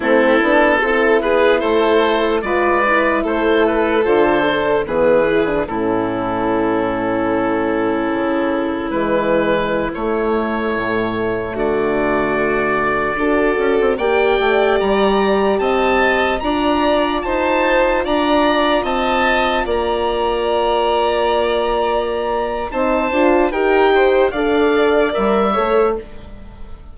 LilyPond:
<<
  \new Staff \with { instrumentName = "oboe" } { \time 4/4 \tempo 4 = 74 a'4. b'8 c''4 d''4 | c''8 b'8 c''4 b'4 a'4~ | a'2. b'4~ | b'16 cis''2 d''4.~ d''16~ |
d''4~ d''16 g''4 ais''4 a''8.~ | a''16 ais''4 a''4 ais''4 a''8.~ | a''16 ais''2.~ ais''8. | a''4 g''4 f''4 e''4 | }
  \new Staff \with { instrumentName = "violin" } { \time 4/4 e'4 a'8 gis'8 a'4 b'4 | a'2 gis'4 e'4~ | e'1~ | e'2~ e'16 fis'4.~ fis'16~ |
fis'16 a'4 d''2 dis''8.~ | dis''16 d''4 c''4 d''4 dis''8.~ | dis''16 d''2.~ d''8. | c''4 ais'8 c''8 d''4. cis''8 | }
  \new Staff \with { instrumentName = "horn" } { \time 4/4 c'8 d'8 e'2 f'8 e'8~ | e'4 f'8 d'8 b8 e'16 d'16 cis'4~ | cis'2. gis4~ | gis16 a2.~ a8.~ |
a16 fis'4 g'2~ g'8.~ | g'16 f'2.~ f'8.~ | f'1 | dis'8 f'8 g'4 a'4 ais'8 a'8 | }
  \new Staff \with { instrumentName = "bassoon" } { \time 4/4 a8 b8 c'8 b8 a4 gis4 | a4 d4 e4 a,4~ | a,2 cis4 e4~ | e16 a4 a,4 d4.~ d16~ |
d16 d'8 cis'16 c'16 ais8 a8 g4 c'8.~ | c'16 d'4 dis'4 d'4 c'8.~ | c'16 ais2.~ ais8. | c'8 d'8 dis'4 d'4 g8 a8 | }
>>